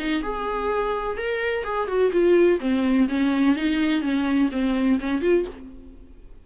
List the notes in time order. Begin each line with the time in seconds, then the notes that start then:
0.00 D#4
0.23 G#4
1.18 A#4
1.65 G#4
1.88 F#4
2.13 F4
2.61 C4
3.09 C#4
3.56 D#4
4.02 C#4
4.52 C4
5.00 C#4
5.22 F4